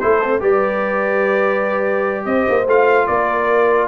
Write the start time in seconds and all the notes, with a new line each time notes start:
0.00 A3 E4 A4 C5
0.24 C4
0.40 G3 G4 B4 D5
2.26 C4 C5 D#5
2.49 A#3
2.67 A3 F4 F5
3.07 A#3 A#4 D5